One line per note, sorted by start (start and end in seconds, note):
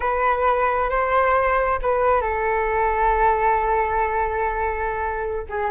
0.00 0.89 B4
0.89 1.79 C5
1.82 2.21 B4
2.21 5.46 A4
5.49 5.70 G#4